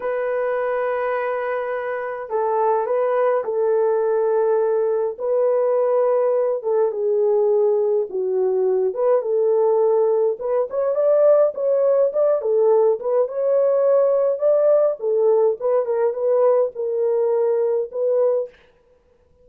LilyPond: \new Staff \with { instrumentName = "horn" } { \time 4/4 \tempo 4 = 104 b'1 | a'4 b'4 a'2~ | a'4 b'2~ b'8 a'8 | gis'2 fis'4. b'8 |
a'2 b'8 cis''8 d''4 | cis''4 d''8 a'4 b'8 cis''4~ | cis''4 d''4 a'4 b'8 ais'8 | b'4 ais'2 b'4 | }